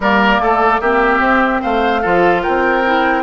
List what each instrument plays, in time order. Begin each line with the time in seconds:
0.00 bassoon G3, clarinet A#3, oboe A#4, flute D5
0.39 bassoon A3, oboe A4
0.80 bassoon A#3, clarinet C4, oboe G4, flute E5
1.19 bassoon C4
1.61 bassoon A3, oboe C5, flute F5
2.01 bassoon F3, clarinet F4, oboe A4
2.42 bassoon C4, oboe A#4, flute G5
2.85 clarinet E4